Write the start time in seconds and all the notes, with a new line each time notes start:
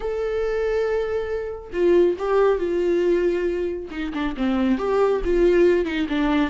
0.00 A4
1.73 F4
2.18 G4
2.58 F4
3.91 D#4
4.13 D4
4.37 C4
4.78 G4
5.24 F4
5.85 D#4
6.08 D4